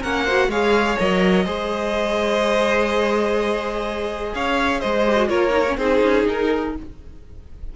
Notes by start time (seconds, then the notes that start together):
0.00 A#3 C#4 A#4 F#5
0.24 F#4 C5
0.49 G#3 G#4 C#5 F5
0.99 F#3 A#4 D#5
1.46 G#3 G#4 C5
4.35 C#4 C#5 F5
4.81 G#3 C5 D#5
5.07 G4
5.18 F#4
5.29 A#3 F4 A#4 C#5
5.51 D#4
5.68 C#4
5.78 C4 D#4 G#4 C5
6.02 C#4
6.28 D#4 A#4